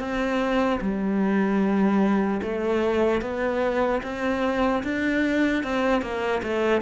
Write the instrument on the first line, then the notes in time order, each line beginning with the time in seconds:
cello
0.00 C4
0.81 G3
2.43 A3
3.22 B3
4.03 C4
4.84 D4
5.64 C4
6.02 A#3
6.43 A3